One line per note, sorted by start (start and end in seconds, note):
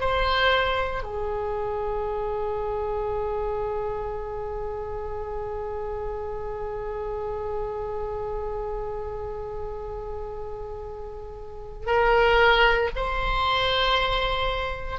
0.00 1.03 C5
1.03 11.86 G#4
11.86 12.90 A#4
12.95 14.99 C5